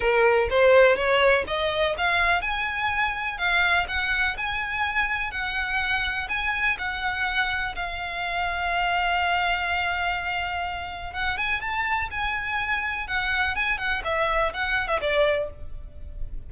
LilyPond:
\new Staff \with { instrumentName = "violin" } { \time 4/4 \tempo 4 = 124 ais'4 c''4 cis''4 dis''4 | f''4 gis''2 f''4 | fis''4 gis''2 fis''4~ | fis''4 gis''4 fis''2 |
f''1~ | f''2. fis''8 gis''8 | a''4 gis''2 fis''4 | gis''8 fis''8 e''4 fis''8. e''16 d''4 | }